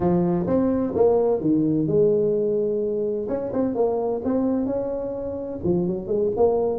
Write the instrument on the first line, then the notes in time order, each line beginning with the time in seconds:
tuba
0.00 F3
0.46 C4
0.95 A#3
1.40 D#3
1.87 G#3
3.28 C#4
3.52 C4
3.75 A#3
4.24 C4
4.65 C#4
5.63 F3
5.87 F#3
6.07 G#3
6.36 A#3